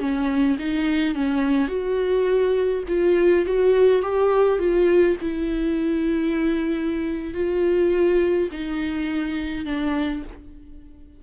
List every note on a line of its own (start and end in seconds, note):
0.00 0.58 C#4
0.60 1.15 D#4
1.15 1.69 C#4
1.69 2.84 F#4
2.88 3.46 F4
3.46 4.03 F#4
4.03 4.59 G4
4.59 5.17 F4
5.22 7.34 E4
7.34 8.50 F4
8.52 9.66 D#4
9.66 10.23 D4